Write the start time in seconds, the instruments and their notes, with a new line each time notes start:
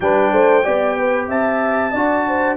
0.00 tuba G3, trombone D4, horn B4, trumpet G5
0.31 tuba A3, horn C5
0.63 tuba B3, trombone G4, horn D5
0.98 horn B4
1.28 tuba C4, horn E5, trumpet A5
1.91 tuba D4, trombone F#4, horn D5
2.27 horn C5